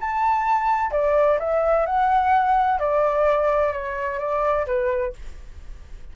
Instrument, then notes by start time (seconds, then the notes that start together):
flute
0.00 A5
0.91 D5
1.39 E5
1.86 F#5
2.79 D5
3.72 C#5
4.19 D5
4.66 B4